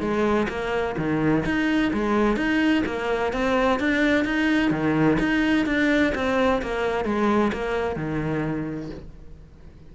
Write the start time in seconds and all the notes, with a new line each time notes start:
0.00 G#3
0.48 A#3
0.97 D#3
1.45 D#4
1.93 G#3
2.36 D#4
2.86 A#3
3.32 C4
3.79 D4
4.24 D#4
4.70 D#3
5.19 D#4
5.66 D4
6.14 C4
6.62 A#3
7.04 G#3
7.53 A#3
7.96 D#3